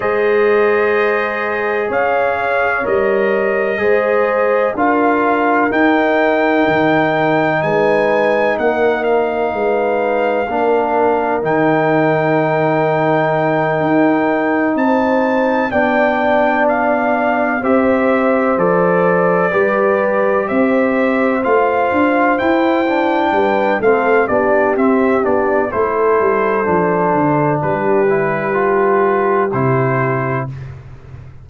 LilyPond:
<<
  \new Staff \with { instrumentName = "trumpet" } { \time 4/4 \tempo 4 = 63 dis''2 f''4 dis''4~ | dis''4 f''4 g''2 | gis''4 fis''8 f''2~ f''8 | g''2.~ g''8 a''8~ |
a''8 g''4 f''4 e''4 d''8~ | d''4. e''4 f''4 g''8~ | g''4 f''8 d''8 e''8 d''8 c''4~ | c''4 b'2 c''4 | }
  \new Staff \with { instrumentName = "horn" } { \time 4/4 c''2 cis''2 | c''4 ais'2. | b'4 ais'4 b'4 ais'4~ | ais'2.~ ais'8 c''8~ |
c''8 d''2 c''4.~ | c''8 b'4 c''2~ c''8~ | c''8 b'8 a'8 g'4. a'4~ | a'4 g'2. | }
  \new Staff \with { instrumentName = "trombone" } { \time 4/4 gis'2. ais'4 | gis'4 f'4 dis'2~ | dis'2. d'4 | dis'1~ |
dis'8 d'2 g'4 a'8~ | a'8 g'2 f'4 e'8 | d'4 c'8 d'8 c'8 d'8 e'4 | d'4. e'8 f'4 e'4 | }
  \new Staff \with { instrumentName = "tuba" } { \time 4/4 gis2 cis'4 g4 | gis4 d'4 dis'4 dis4 | gis4 ais4 gis4 ais4 | dis2~ dis8 dis'4 c'8~ |
c'8 b2 c'4 f8~ | f8 g4 c'4 a8 d'8 e'8~ | e'8 g8 a8 b8 c'8 b8 a8 g8 | f8 d8 g2 c4 | }
>>